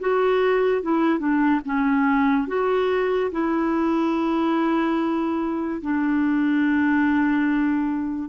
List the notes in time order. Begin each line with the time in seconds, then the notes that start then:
0.00 F#4
0.82 E4
1.19 D4
1.65 C#4
2.48 F#4
3.31 E4
5.82 D4